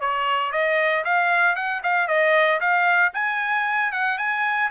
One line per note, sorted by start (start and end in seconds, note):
0.00 0.52 C#5
0.52 1.04 D#5
1.04 1.55 F5
1.55 1.81 F#5
1.83 2.07 F5
2.07 2.59 D#5
2.60 3.12 F5
3.13 3.92 G#5
3.92 4.18 F#5
4.18 4.70 G#5